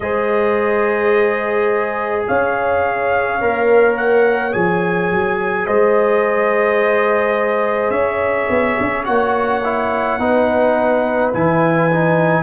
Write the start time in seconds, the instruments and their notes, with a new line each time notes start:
0.00 tuba G#3, trombone G#4, horn C5, trumpet D#5
2.27 tuba C#4, horn C#5, trumpet F5
3.41 tuba A#3, trombone A#4
3.96 trumpet F#5
4.52 tuba F3, trombone G#4, trumpet G#5
5.11 tuba F#3
5.66 tuba G#3, horn C5, trumpet D#5
7.90 tuba C#4, horn C#5, trumpet E5
8.49 tuba B3
8.80 tuba C#4
9.04 tuba A#3, trombone F#4, trumpet F#5
9.63 trombone E4
10.19 tuba B3, trombone D#4, horn B4
11.33 tuba E3, trombone E4, trumpet G#5
11.91 trombone D#4